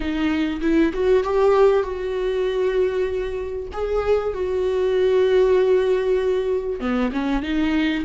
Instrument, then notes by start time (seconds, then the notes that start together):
viola
0.00 D#4
0.61 E4
0.93 F#4
1.23 G4
1.82 F#4
3.72 G#4
4.34 F#4
6.80 B3
7.12 C#4
7.42 D#4